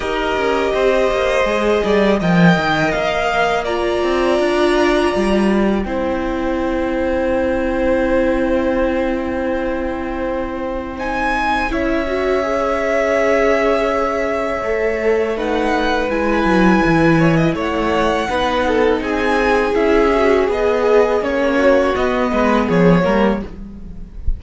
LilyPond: <<
  \new Staff \with { instrumentName = "violin" } { \time 4/4 \tempo 4 = 82 dis''2. g''4 | f''4 ais''2. | g''1~ | g''2. gis''4 |
e''1~ | e''4 fis''4 gis''2 | fis''2 gis''4 e''4 | dis''4 cis''4 dis''4 cis''4 | }
  \new Staff \with { instrumentName = "violin" } { \time 4/4 ais'4 c''4. d''8 dis''4~ | dis''4 d''2. | c''1~ | c''1 |
cis''1~ | cis''4 b'2~ b'8 cis''16 dis''16 | cis''4 b'8 a'8 gis'2~ | gis'4. fis'4 b'8 gis'8 ais'8 | }
  \new Staff \with { instrumentName = "viola" } { \time 4/4 g'2 gis'4 ais'4~ | ais'4 f'2. | e'1~ | e'2. dis'4 |
e'8 fis'8 gis'2. | a'4 dis'4 e'2~ | e'4 dis'2 e'8 fis'8 | gis'4 cis'4 b4. ais8 | }
  \new Staff \with { instrumentName = "cello" } { \time 4/4 dis'8 cis'8 c'8 ais8 gis8 g8 f8 dis8 | ais4. c'8 d'4 g4 | c'1~ | c'1 |
cis'1 | a2 gis8 fis8 e4 | a4 b4 c'4 cis'4 | b4 ais4 b8 gis8 f8 g8 | }
>>